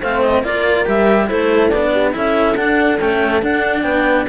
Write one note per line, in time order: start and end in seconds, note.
0.00 0.42 A3
0.00 0.43 C4
0.00 0.43 C5
0.00 0.21 F5
0.21 0.43 D#5
0.42 0.85 A#3
0.42 0.85 F4
0.42 1.27 A#4
0.42 0.87 D5
0.85 1.30 G3
0.85 1.27 G4
0.85 1.29 E5
1.27 1.72 A3
1.27 1.70 E4
1.27 1.91 A4
1.27 1.69 C5
1.69 2.15 B3
1.69 2.12 D4
1.69 2.11 D5
1.92 2.13 G4
2.12 2.56 C#4
2.12 2.54 E4
2.12 3.84 A4
2.12 2.56 E5
2.56 2.98 D4
2.56 2.99 D4
2.56 2.99 F#5
2.99 3.42 A3
2.99 3.42 C#4
2.99 3.42 G5
3.42 3.84 D4
3.42 4.27 D4
3.42 3.82 F#5
3.82 4.26 B3
3.82 4.27 B4
3.82 4.25 G5